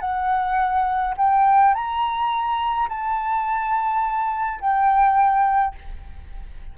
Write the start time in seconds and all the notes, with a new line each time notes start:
0.00 F#5
1.17 G5
1.74 A#5
2.88 A5
4.60 G5